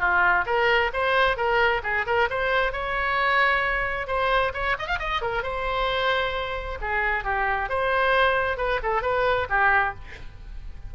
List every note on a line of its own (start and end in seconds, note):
0.00 0.45 F4
0.47 0.92 A#4
0.94 1.37 C5
1.37 1.82 A#4
1.84 2.06 G#4
2.07 2.29 A#4
2.31 2.73 C5
2.73 4.08 C#5
4.08 4.53 C5
4.54 4.77 C#5
4.79 4.88 D#5
4.88 4.99 F5
5.00 5.22 D#5
5.22 5.43 A#4
5.43 6.79 C5
6.82 7.25 G#4
7.25 7.70 G4
7.70 8.58 C5
8.58 8.81 B4
8.83 9.03 A4
9.03 9.48 B4
9.50 9.95 G4